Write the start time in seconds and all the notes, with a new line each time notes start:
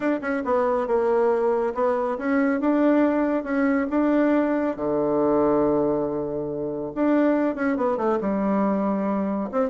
0.00 D4
0.21 C#4
0.44 B3
0.87 A#3
1.74 B3
2.18 C#4
2.60 D4
3.43 C#4
3.90 D4
4.76 D3
6.94 D4
7.55 C#4
7.77 B3
7.97 A3
8.20 G3
9.51 C4